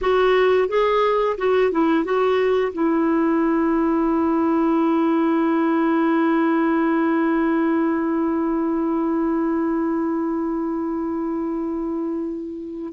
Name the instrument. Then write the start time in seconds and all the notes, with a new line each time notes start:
clarinet
0.01 F#4
0.68 G#4
1.37 F#4
1.71 E4
2.04 F#4
2.72 E4